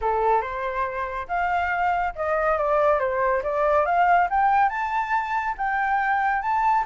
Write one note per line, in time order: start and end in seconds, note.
0.01 0.41 A4
0.41 1.27 C5
1.28 2.13 F5
2.15 2.57 D#5
2.57 2.99 D5
2.99 3.42 C5
3.43 3.85 D5
3.85 4.28 F5
4.30 4.69 G5
4.69 5.55 A5
5.57 6.41 G5
6.41 6.84 A5